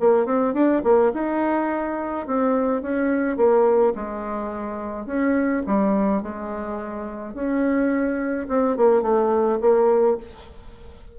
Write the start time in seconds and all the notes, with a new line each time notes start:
0.00 A#3
0.25 C4
0.54 D4
0.83 A#3
1.13 D#4
2.27 C4
2.82 C#4
3.37 A#3
3.95 G#3
5.06 C#4
5.66 G3
6.22 G#3
7.34 C#4
8.48 C4
8.77 A#3
9.02 A3
9.60 A#3